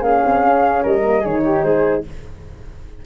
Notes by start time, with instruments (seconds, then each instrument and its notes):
0.00 tuba A#3, horn C#4, flute G#4 F5
0.25 tuba C4
0.43 tuba C#4
0.83 tuba G3, flute A#4 D#5
1.02 horn A#3
1.20 tuba D#3, horn D#4, flute G#4 C#5
1.44 flute G4
1.63 tuba G#3, flute G#4 C5